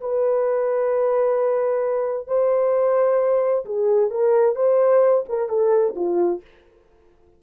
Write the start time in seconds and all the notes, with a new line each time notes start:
0.00 B4
2.27 C5
3.65 G#4
4.10 A#4
4.55 C5
5.29 A#4
5.49 A4
5.95 F4